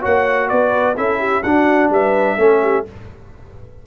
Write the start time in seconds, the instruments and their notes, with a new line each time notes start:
0.00 tuba A#3, trombone F#4, horn C#5, trumpet F#5
0.49 tuba B3, horn B4, trumpet D5
0.96 tuba C#4, trombone E4, horn A4, trumpet E5
1.19 horn G4
1.43 tuba D4, trombone D4, horn F#4, trumpet F#5
1.90 tuba G3, horn B4, trumpet E5
2.37 tuba A3, trombone C#4, horn A4
2.62 horn G4